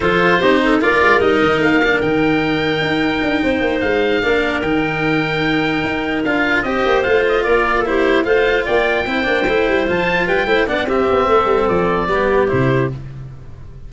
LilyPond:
<<
  \new Staff \with { instrumentName = "oboe" } { \time 4/4 \tempo 4 = 149 c''2 d''4 dis''4 | f''4 g''2.~ | g''4. f''2 g''8~ | g''2.~ g''8 f''8~ |
f''8 dis''4 f''8 dis''8 d''4 c''8~ | c''8 f''4 g''2~ g''8~ | g''8 a''4 g''4 fis''8 e''4~ | e''4 d''2 c''4 | }
  \new Staff \with { instrumentName = "clarinet" } { \time 4/4 a'4 g'8 a'8 ais'2~ | ais'1~ | ais'8 c''2 ais'4.~ | ais'1~ |
ais'8 c''2 ais'8. a'16 g'8~ | g'8 c''4 d''4 c''4.~ | c''4. b'8 c''8 d''8 g'4 | a'2 g'2 | }
  \new Staff \with { instrumentName = "cello" } { \time 4/4 f'4 dis'4 f'4 dis'4~ | dis'8 d'8 dis'2.~ | dis'2~ dis'8 d'4 dis'8~ | dis'2.~ dis'8 f'8~ |
f'8 g'4 f'2 e'8~ | e'8 f'2 e'8 d'8 e'8~ | e'8 f'4. e'8 d'8 c'4~ | c'2 b4 e'4 | }
  \new Staff \with { instrumentName = "tuba" } { \time 4/4 f4 c'4 ais8 gis8 g8 dis8 | ais4 dis2 dis'4 | d'8 c'8 ais8 gis4 ais4 dis8~ | dis2~ dis8 dis'4 d'8~ |
d'8 c'8 ais8 a4 ais4.~ | ais8 a4 ais4 c'8 ais8 a8 | g8 f4 g8 a8 b8 c'8 b8 | a8 g8 f4 g4 c4 | }
>>